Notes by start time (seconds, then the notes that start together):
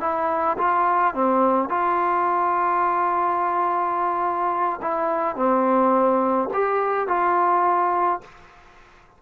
0.00 E4
0.58 F4
1.14 C4
1.69 F4
4.82 E4
5.35 C4
6.53 G4
7.07 F4